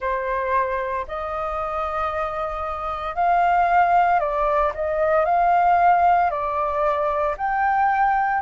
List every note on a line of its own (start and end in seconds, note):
0.00 1.05 C5
1.07 3.15 D#5
3.15 4.19 F5
4.19 4.72 D5
4.74 5.25 D#5
5.25 6.30 F5
6.30 7.35 D5
7.37 8.42 G5